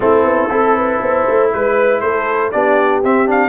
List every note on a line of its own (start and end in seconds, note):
0.00 0.24 A3
0.00 0.49 C4
0.00 0.51 E4
0.00 1.51 A4
0.24 0.49 B3
0.49 0.99 C4
0.49 2.51 E4
0.49 0.76 A4
0.76 1.01 B4
1.01 1.26 B3
1.01 1.52 C5
1.28 1.53 A3
1.53 2.02 G#3
1.53 2.00 B4
1.53 2.02 B4
2.00 2.52 A3
2.00 2.52 A4
2.00 2.50 C5
2.51 3.04 B3
2.51 3.03 D4
2.51 3.48 G4
2.51 3.02 D5
3.04 3.26 C4
3.04 3.48 C4
3.04 3.29 E5
3.26 3.48 D4
3.26 3.48 F5